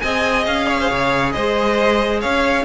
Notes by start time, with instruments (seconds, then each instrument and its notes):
0.00 cello C4, viola G#4, violin D#5 G#5
0.46 cello C#4, violin F5
0.68 violin C#5
0.80 violin C5
0.89 cello C#3, violin C#5
1.32 cello G#3, violin C5 D#5
2.21 cello C#4, violin C#5 F5